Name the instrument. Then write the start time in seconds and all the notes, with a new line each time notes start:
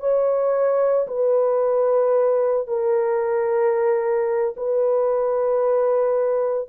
horn
0.00 C#5
1.08 B4
2.67 A#4
4.57 B4